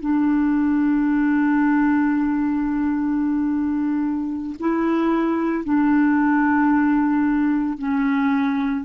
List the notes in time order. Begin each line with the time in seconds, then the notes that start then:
0.00 D4
4.59 E4
5.64 D4
7.78 C#4